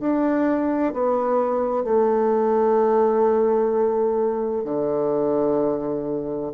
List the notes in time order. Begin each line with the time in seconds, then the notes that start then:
0.00 D4
0.93 B3
1.84 A3
4.64 D3